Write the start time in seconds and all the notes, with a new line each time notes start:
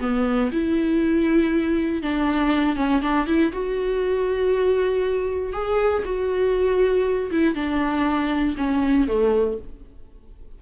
0.00 B3
0.52 E4
2.02 D4
2.75 C#4
3.01 D4
3.26 E4
3.52 F#4
5.53 G#4
6.04 F#4
7.31 E4
7.54 D4
8.57 C#4
9.07 A3